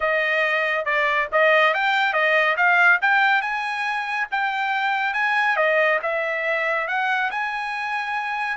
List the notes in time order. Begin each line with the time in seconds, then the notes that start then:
0.00 D#5
0.85 D5
1.32 D#5
1.74 G5
2.13 D#5
2.56 F5
3.01 G5
3.41 G#5
4.31 G5
5.13 G#5
5.56 D#5
6.02 E5
6.87 F#5
7.31 G#5